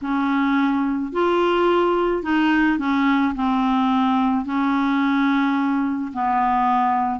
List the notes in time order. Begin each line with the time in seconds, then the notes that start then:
0.01 C#4
1.12 F4
2.22 D#4
2.78 C#4
3.35 C4
4.45 C#4
6.13 B3